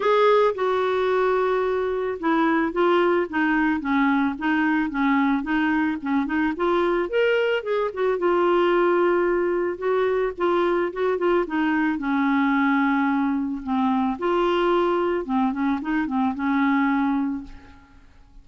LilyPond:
\new Staff \with { instrumentName = "clarinet" } { \time 4/4 \tempo 4 = 110 gis'4 fis'2. | e'4 f'4 dis'4 cis'4 | dis'4 cis'4 dis'4 cis'8 dis'8 | f'4 ais'4 gis'8 fis'8 f'4~ |
f'2 fis'4 f'4 | fis'8 f'8 dis'4 cis'2~ | cis'4 c'4 f'2 | c'8 cis'8 dis'8 c'8 cis'2 | }